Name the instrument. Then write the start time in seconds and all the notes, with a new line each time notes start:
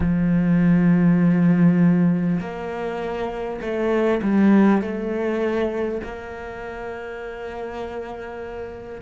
cello
0.00 F3
2.40 A#3
3.61 A3
4.22 G3
4.81 A3
6.03 A#3